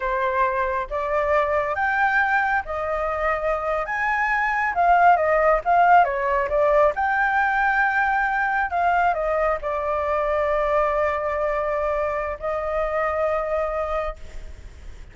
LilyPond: \new Staff \with { instrumentName = "flute" } { \time 4/4 \tempo 4 = 136 c''2 d''2 | g''2 dis''2~ | dis''8. gis''2 f''4 dis''16~ | dis''8. f''4 cis''4 d''4 g''16~ |
g''2.~ g''8. f''16~ | f''8. dis''4 d''2~ d''16~ | d''1 | dis''1 | }